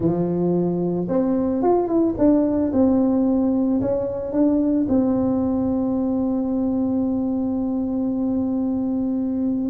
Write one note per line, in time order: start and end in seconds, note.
0.00 1.07 F3
1.08 1.62 C4
1.62 1.87 F4
1.87 2.14 E4
2.17 2.72 D4
2.72 3.81 C4
3.81 4.32 C#4
4.32 4.86 D4
4.88 9.70 C4